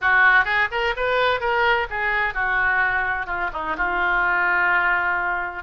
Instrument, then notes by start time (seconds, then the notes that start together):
oboe
0.01 F#4
0.45 G#4
0.71 A#4
0.96 B4
1.40 A#4
1.90 G#4
2.34 F#4
3.26 F4
3.53 D#4
3.77 F4